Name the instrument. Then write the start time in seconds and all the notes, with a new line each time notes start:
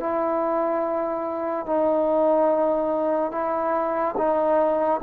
trombone
0.00 E4
1.66 D#4
3.32 E4
4.17 D#4